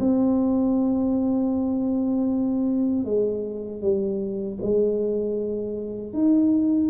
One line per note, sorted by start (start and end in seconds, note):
0.00 3.05 C4
3.05 3.82 G#3
3.82 4.59 G3
4.62 6.14 G#3
6.14 6.91 D#4